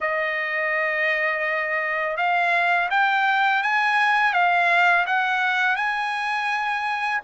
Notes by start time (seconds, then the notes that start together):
0.00 D#5
2.17 F5
2.90 G5
3.62 G#5
4.33 F5
5.06 F#5
5.76 G#5